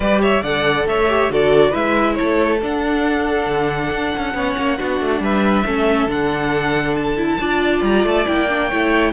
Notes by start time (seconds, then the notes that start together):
0.00 G3 G4 B4 D5
0.21 C#5 E5
0.42 D3 A4 D5 F#5
0.85 A3 C#5 E5
1.08 G4
1.29 D3 F#4 A4 D5
1.70 G#3 E4 B4 E5
2.14 A4 C#5
2.20 A3
2.62 D4 F#5
3.46 D3
3.90 D4
4.17 C#4
4.33 B3 C#4 C#5
4.57 A#3
4.77 B3 D4 F#4
5.00 A3
5.20 G3 B4 E5
5.65 A3 C#4 A4
6.07 D3 D4 F#5
6.95 A5
7.17 E4
7.40 D4 F4 D5
7.82 G3 A#5
8.03 A3 A5
8.26 A#3 E4 G5
8.48 D4
8.68 A3 E4 C#5